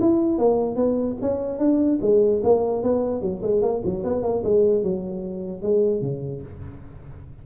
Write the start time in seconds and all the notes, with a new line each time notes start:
0.00 E4
0.38 A#3
0.76 B3
1.22 C#4
1.59 D4
2.01 G#3
2.43 A#3
2.83 B3
3.22 F#3
3.42 G#3
3.61 A#3
3.84 F#3
4.04 B3
4.23 A#3
4.44 G#3
4.83 F#3
5.62 G#3
6.01 C#3